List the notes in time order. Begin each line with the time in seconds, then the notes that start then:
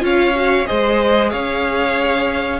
0.00 C#4 F4 C#5 F5
0.36 F#4
0.65 G#3 G#4 C5 D#5
1.30 C#4 C#5 F5